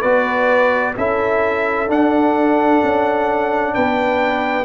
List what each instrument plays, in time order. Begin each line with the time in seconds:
0.00 tuba B3, trombone F#4, horn B4, trumpet D5
0.97 tuba C#4, trombone E4, horn A4, trumpet E5
1.88 trombone D4, tuba D4, trumpet F#5
2.83 tuba C#4
3.74 tuba B3, horn B4, trumpet G5